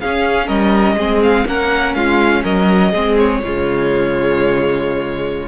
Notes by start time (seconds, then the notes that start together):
0.00 C#4 G#4 F5
0.46 G3 A#4 D#5
0.95 G#3 C4 G#4
1.23 F5
1.46 A#3 C#4 A#4 F#5
1.94 G#3 F4 F5
2.43 F#3 A#4 D#5
2.91 G#3 C4 G#4
3.18 C#5
3.43 C#3 G#3 F4